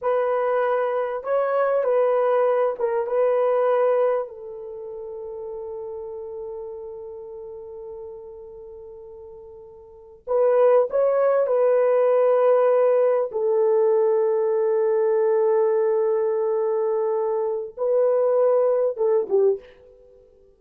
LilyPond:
\new Staff \with { instrumentName = "horn" } { \time 4/4 \tempo 4 = 98 b'2 cis''4 b'4~ | b'8 ais'8 b'2 a'4~ | a'1~ | a'1~ |
a'8. b'4 cis''4 b'4~ b'16~ | b'4.~ b'16 a'2~ a'16~ | a'1~ | a'4 b'2 a'8 g'8 | }